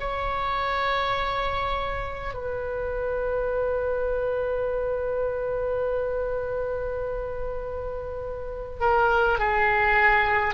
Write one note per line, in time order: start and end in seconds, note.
0.00 2.34 C#5
2.34 8.80 B4
8.80 9.39 A#4
9.39 10.54 G#4